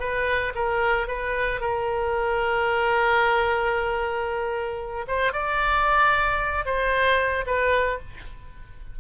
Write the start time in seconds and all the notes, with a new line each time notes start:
0.00 B4
0.56 A#4
1.08 B4
1.61 A#4
5.08 C5
5.33 D5
6.66 C5
7.46 B4